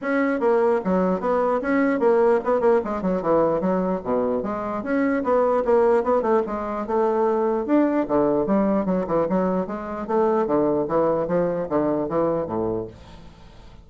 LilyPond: \new Staff \with { instrumentName = "bassoon" } { \time 4/4 \tempo 4 = 149 cis'4 ais4 fis4 b4 | cis'4 ais4 b8 ais8 gis8 fis8 | e4 fis4 b,4 gis4 | cis'4 b4 ais4 b8 a8 |
gis4 a2 d'4 | d4 g4 fis8 e8 fis4 | gis4 a4 d4 e4 | f4 d4 e4 a,4 | }